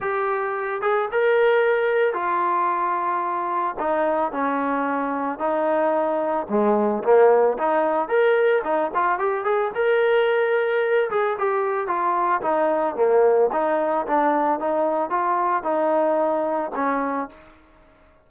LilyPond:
\new Staff \with { instrumentName = "trombone" } { \time 4/4 \tempo 4 = 111 g'4. gis'8 ais'2 | f'2. dis'4 | cis'2 dis'2 | gis4 ais4 dis'4 ais'4 |
dis'8 f'8 g'8 gis'8 ais'2~ | ais'8 gis'8 g'4 f'4 dis'4 | ais4 dis'4 d'4 dis'4 | f'4 dis'2 cis'4 | }